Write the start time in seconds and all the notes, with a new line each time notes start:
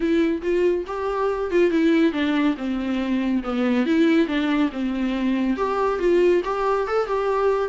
0.00 E4
0.41 F4
0.86 G4
1.51 F4
1.70 E4
2.12 D4
2.57 C4
3.43 B3
3.86 E4
4.27 D4
4.72 C4
5.56 G4
5.99 F4
6.44 G4
6.87 A4
7.07 G4